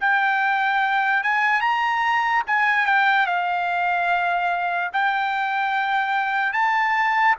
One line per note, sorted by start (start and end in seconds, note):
0.00 1.23 G5
1.23 1.60 G#5
1.60 2.42 A#5
2.47 2.86 G#5
2.86 3.26 G5
3.26 4.91 F5
4.92 6.53 G5
6.53 7.35 A5